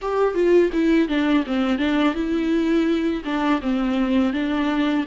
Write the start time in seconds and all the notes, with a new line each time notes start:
0.01 G4
0.34 F4
0.72 E4
1.08 D4
1.46 C4
1.78 D4
2.14 E4
3.24 D4
3.61 C4
4.33 D4